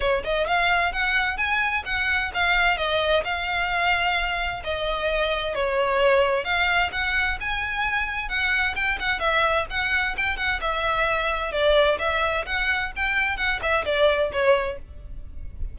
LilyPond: \new Staff \with { instrumentName = "violin" } { \time 4/4 \tempo 4 = 130 cis''8 dis''8 f''4 fis''4 gis''4 | fis''4 f''4 dis''4 f''4~ | f''2 dis''2 | cis''2 f''4 fis''4 |
gis''2 fis''4 g''8 fis''8 | e''4 fis''4 g''8 fis''8 e''4~ | e''4 d''4 e''4 fis''4 | g''4 fis''8 e''8 d''4 cis''4 | }